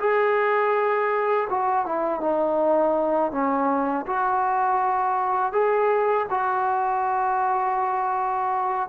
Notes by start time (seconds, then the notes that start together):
0.00 G#4
1.50 F#4
1.86 E4
2.21 D#4
3.32 C#4
4.07 F#4
5.53 G#4
6.30 F#4